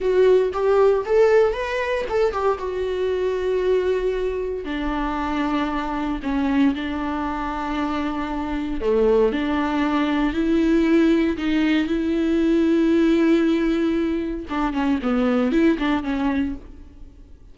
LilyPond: \new Staff \with { instrumentName = "viola" } { \time 4/4 \tempo 4 = 116 fis'4 g'4 a'4 b'4 | a'8 g'8 fis'2.~ | fis'4 d'2. | cis'4 d'2.~ |
d'4 a4 d'2 | e'2 dis'4 e'4~ | e'1 | d'8 cis'8 b4 e'8 d'8 cis'4 | }